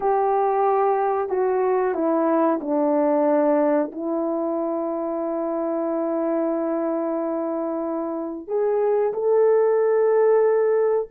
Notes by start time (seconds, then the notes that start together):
0.00 G4
1.29 F#4
1.94 E4
2.60 D4
3.91 E4
8.47 G#4
9.13 A4